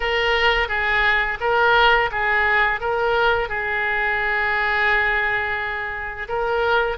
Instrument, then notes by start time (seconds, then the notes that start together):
oboe
0.00 A#4
0.68 G#4
1.40 A#4
2.11 G#4
2.80 A#4
3.49 G#4
6.28 A#4